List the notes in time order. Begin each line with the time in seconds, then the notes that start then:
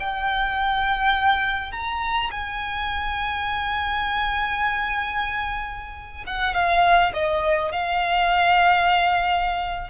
0.00 G5
1.72 A#5
2.31 G#5
6.27 F#5
6.54 F5
7.14 D#5
7.72 F5